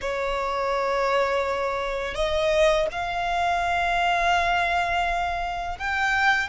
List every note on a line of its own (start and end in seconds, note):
0.01 2.14 C#5
2.14 2.86 D#5
2.91 5.78 F5
5.78 6.48 G5